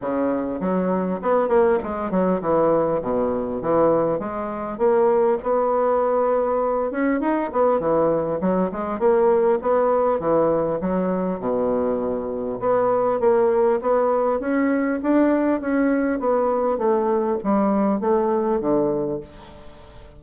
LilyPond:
\new Staff \with { instrumentName = "bassoon" } { \time 4/4 \tempo 4 = 100 cis4 fis4 b8 ais8 gis8 fis8 | e4 b,4 e4 gis4 | ais4 b2~ b8 cis'8 | dis'8 b8 e4 fis8 gis8 ais4 |
b4 e4 fis4 b,4~ | b,4 b4 ais4 b4 | cis'4 d'4 cis'4 b4 | a4 g4 a4 d4 | }